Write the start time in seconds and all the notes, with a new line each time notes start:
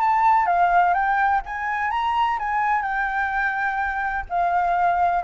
0.00 A5
0.46 F5
0.94 G5
1.46 G#5
1.91 A#5
2.39 G#5
2.82 G5
4.29 F5